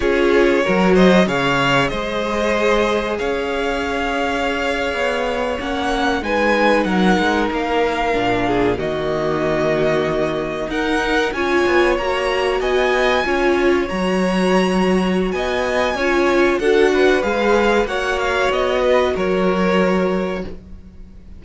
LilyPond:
<<
  \new Staff \with { instrumentName = "violin" } { \time 4/4 \tempo 4 = 94 cis''4. dis''8 f''4 dis''4~ | dis''4 f''2.~ | f''8. fis''4 gis''4 fis''4 f''16~ | f''4.~ f''16 dis''2~ dis''16~ |
dis''8. fis''4 gis''4 ais''4 gis''16~ | gis''4.~ gis''16 ais''2~ ais''16 | gis''2 fis''4 f''4 | fis''8 f''8 dis''4 cis''2 | }
  \new Staff \with { instrumentName = "violin" } { \time 4/4 gis'4 ais'8 c''8 cis''4 c''4~ | c''4 cis''2.~ | cis''4.~ cis''16 b'4 ais'4~ ais'16~ | ais'4~ ais'16 gis'8 fis'2~ fis'16~ |
fis'8. ais'4 cis''2 dis''16~ | dis''8. cis''2.~ cis''16 | dis''4 cis''4 a'8 b'4. | cis''4. b'8 ais'2 | }
  \new Staff \with { instrumentName = "viola" } { \time 4/4 f'4 fis'4 gis'2~ | gis'1~ | gis'8. cis'4 dis'2~ dis'16~ | dis'8. d'4 ais2~ ais16~ |
ais8. dis'4 f'4 fis'4~ fis'16~ | fis'8. f'4 fis'2~ fis'16~ | fis'4 f'4 fis'4 gis'4 | fis'1 | }
  \new Staff \with { instrumentName = "cello" } { \time 4/4 cis'4 fis4 cis4 gis4~ | gis4 cis'2~ cis'8. b16~ | b8. ais4 gis4 fis8 gis8 ais16~ | ais8. ais,4 dis2~ dis16~ |
dis8. dis'4 cis'8 b8 ais4 b16~ | b8. cis'4 fis2~ fis16 | b4 cis'4 d'4 gis4 | ais4 b4 fis2 | }
>>